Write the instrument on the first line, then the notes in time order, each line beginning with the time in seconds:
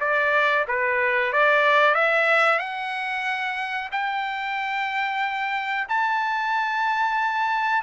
trumpet
0.00 D5
0.68 B4
1.33 D5
1.95 E5
2.59 F#5
3.92 G5
5.89 A5